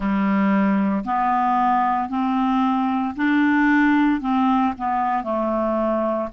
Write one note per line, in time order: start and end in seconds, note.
0.00 1.04 G3
1.04 2.09 B3
2.09 3.14 C4
3.16 4.21 D4
4.21 4.73 C4
4.77 5.23 B3
5.23 6.28 A3